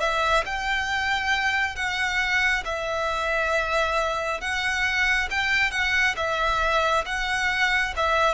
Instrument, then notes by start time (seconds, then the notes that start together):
violin
0.00 E5
0.46 G5
1.75 F#5
2.65 E5
4.41 F#5
5.30 G5
5.71 F#5
6.16 E5
7.06 F#5
7.97 E5